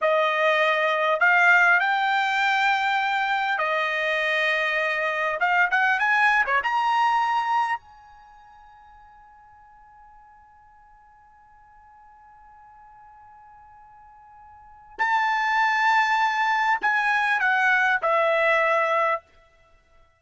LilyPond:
\new Staff \with { instrumentName = "trumpet" } { \time 4/4 \tempo 4 = 100 dis''2 f''4 g''4~ | g''2 dis''2~ | dis''4 f''8 fis''8 gis''8. cis''16 ais''4~ | ais''4 gis''2.~ |
gis''1~ | gis''1~ | gis''4 a''2. | gis''4 fis''4 e''2 | }